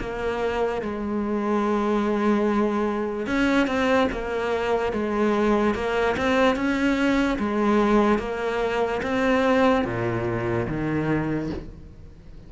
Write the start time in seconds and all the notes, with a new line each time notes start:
0.00 A#3
0.82 G#3
3.27 C#4
3.67 C4
4.12 A#3
4.93 G#3
5.75 A#3
6.18 C4
6.56 C#4
7.39 G#3
8.19 A#3
9.03 C4
9.85 A#2
10.68 D#3